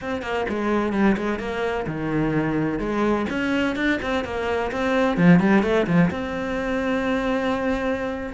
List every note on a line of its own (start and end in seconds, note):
0.01 0.22 C4
0.22 0.45 A#3
0.48 0.92 G#3
0.92 1.16 G3
1.17 1.39 G#3
1.39 1.86 A#3
1.86 2.79 D#3
2.79 3.26 G#3
3.29 3.75 C#4
3.75 3.99 D4
4.02 4.24 C4
4.24 4.71 A#3
4.71 5.17 C4
5.17 5.39 F3
5.39 5.62 G3
5.62 5.86 A3
5.86 6.10 F3
6.10 8.33 C4